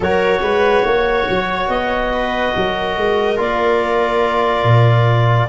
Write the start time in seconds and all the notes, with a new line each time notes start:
0.00 F#3 F#4 A#4 C#5
0.41 G#3 B4
0.84 A#3 C#5
1.29 F#3
1.68 B3 D#5
2.12 B4
2.56 F#3 A#4
2.97 G#3
3.36 A#3 F4 D5
4.63 A#2